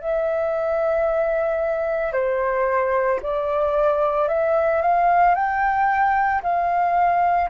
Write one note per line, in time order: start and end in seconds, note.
0.00 2.12 E5
2.12 3.19 C5
3.22 4.28 D5
4.28 4.82 E5
4.82 5.35 F5
5.35 6.42 G5
6.42 7.50 F5